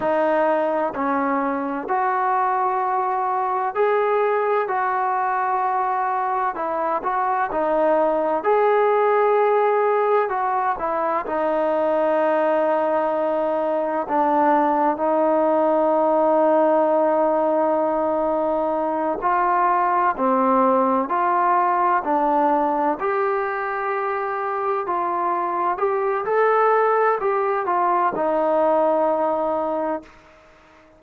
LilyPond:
\new Staff \with { instrumentName = "trombone" } { \time 4/4 \tempo 4 = 64 dis'4 cis'4 fis'2 | gis'4 fis'2 e'8 fis'8 | dis'4 gis'2 fis'8 e'8 | dis'2. d'4 |
dis'1~ | dis'8 f'4 c'4 f'4 d'8~ | d'8 g'2 f'4 g'8 | a'4 g'8 f'8 dis'2 | }